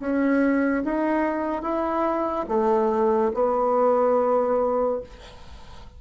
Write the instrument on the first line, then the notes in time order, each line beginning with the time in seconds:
bassoon
0.00 C#4
0.84 D#4
1.62 E4
2.48 A3
3.34 B3